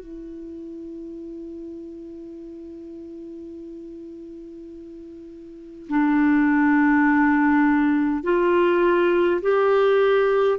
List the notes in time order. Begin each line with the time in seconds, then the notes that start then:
0.00 E4
5.89 D4
8.24 F4
9.42 G4